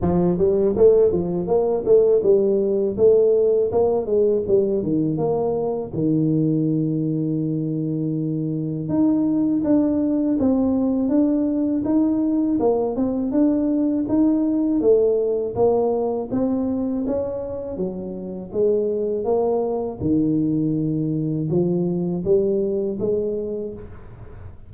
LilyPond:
\new Staff \with { instrumentName = "tuba" } { \time 4/4 \tempo 4 = 81 f8 g8 a8 f8 ais8 a8 g4 | a4 ais8 gis8 g8 dis8 ais4 | dis1 | dis'4 d'4 c'4 d'4 |
dis'4 ais8 c'8 d'4 dis'4 | a4 ais4 c'4 cis'4 | fis4 gis4 ais4 dis4~ | dis4 f4 g4 gis4 | }